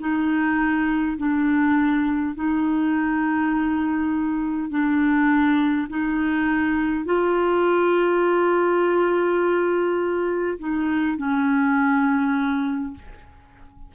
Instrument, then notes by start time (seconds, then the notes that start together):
clarinet
0.00 D#4
1.18 D4
2.35 D#4
4.70 D4
5.90 D#4
7.06 F4
10.59 D#4
11.18 C#4